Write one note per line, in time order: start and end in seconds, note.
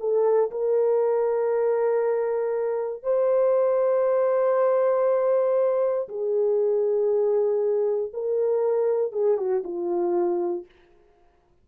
0.00 0.51 A4
0.51 3.03 A#4
3.03 6.08 C5
6.09 8.12 G#4
8.14 9.12 A#4
9.12 9.38 G#4
9.38 9.63 F#4
9.64 10.65 F4